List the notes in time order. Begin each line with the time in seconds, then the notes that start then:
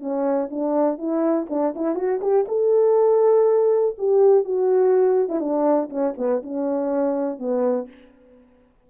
0.00 C#4
0.51 D4
0.98 E4
1.50 D4
1.76 E4
1.96 F#4
2.22 G4
2.49 A4
3.99 G4
4.45 F#4
5.29 E4
5.41 D4
5.90 C#4
6.18 B3
6.44 C#4
7.39 B3